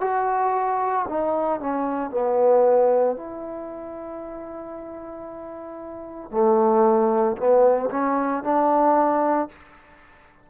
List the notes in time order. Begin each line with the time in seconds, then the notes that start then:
0.00 F#4
1.08 D#4
1.60 C#4
2.11 B3
3.16 E4
6.31 A3
7.36 B3
7.90 C#4
8.43 D4